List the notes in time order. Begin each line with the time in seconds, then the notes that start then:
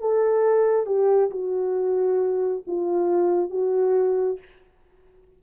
0.00 A4
0.86 G4
1.30 F#4
2.67 F4
3.50 F#4